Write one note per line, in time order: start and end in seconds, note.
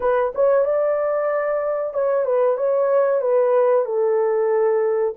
0.00 0.32 B4
0.35 0.65 C#5
0.65 1.93 D5
1.93 2.25 C#5
2.25 2.57 B4
2.57 3.21 C#5
3.21 3.85 B4
3.85 5.14 A4